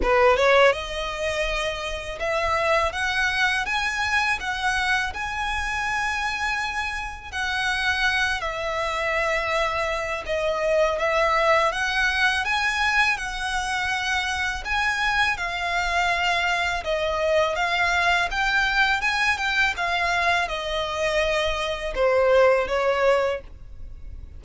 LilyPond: \new Staff \with { instrumentName = "violin" } { \time 4/4 \tempo 4 = 82 b'8 cis''8 dis''2 e''4 | fis''4 gis''4 fis''4 gis''4~ | gis''2 fis''4. e''8~ | e''2 dis''4 e''4 |
fis''4 gis''4 fis''2 | gis''4 f''2 dis''4 | f''4 g''4 gis''8 g''8 f''4 | dis''2 c''4 cis''4 | }